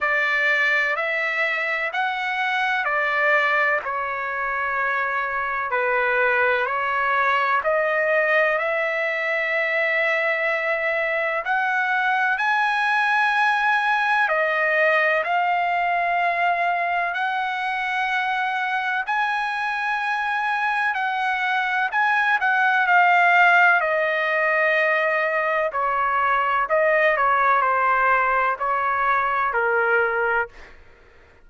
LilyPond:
\new Staff \with { instrumentName = "trumpet" } { \time 4/4 \tempo 4 = 63 d''4 e''4 fis''4 d''4 | cis''2 b'4 cis''4 | dis''4 e''2. | fis''4 gis''2 dis''4 |
f''2 fis''2 | gis''2 fis''4 gis''8 fis''8 | f''4 dis''2 cis''4 | dis''8 cis''8 c''4 cis''4 ais'4 | }